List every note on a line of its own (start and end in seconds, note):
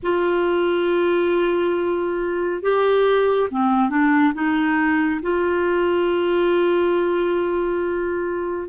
0.02 2.62 F4
2.62 3.49 G4
3.50 3.89 C4
3.89 4.33 D4
4.34 5.21 D#4
5.22 8.68 F4